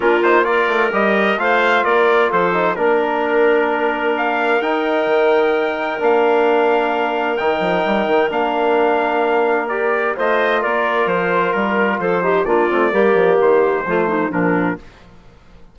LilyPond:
<<
  \new Staff \with { instrumentName = "trumpet" } { \time 4/4 \tempo 4 = 130 ais'8 c''8 d''4 dis''4 f''4 | d''4 c''4 ais'2~ | ais'4 f''4 g''2~ | g''4 f''2. |
g''2 f''2~ | f''4 d''4 dis''4 d''4 | c''4 ais'4 c''4 d''4~ | d''4 c''2 ais'4 | }
  \new Staff \with { instrumentName = "clarinet" } { \time 4/4 f'4 ais'2 c''4 | ais'4 a'4 ais'2~ | ais'1~ | ais'1~ |
ais'1~ | ais'2 c''4 ais'4~ | ais'2 a'8 g'8 f'4 | g'2 f'8 dis'8 d'4 | }
  \new Staff \with { instrumentName = "trombone" } { \time 4/4 d'8 dis'8 f'4 g'4 f'4~ | f'4. dis'8 d'2~ | d'2 dis'2~ | dis'4 d'2. |
dis'2 d'2~ | d'4 g'4 f'2~ | f'2~ f'8 dis'8 d'8 c'8 | ais2 a4 f4 | }
  \new Staff \with { instrumentName = "bassoon" } { \time 4/4 ais4. a8 g4 a4 | ais4 f4 ais2~ | ais2 dis'4 dis4~ | dis4 ais2. |
dis8 f8 g8 dis8 ais2~ | ais2 a4 ais4 | f4 g4 f4 ais8 a8 | g8 f8 dis4 f4 ais,4 | }
>>